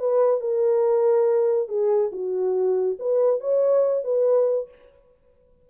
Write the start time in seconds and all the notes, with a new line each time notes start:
0.00 B4
0.41 A#4
1.69 G#4
2.12 F#4
2.99 B4
3.41 C#5
4.04 B4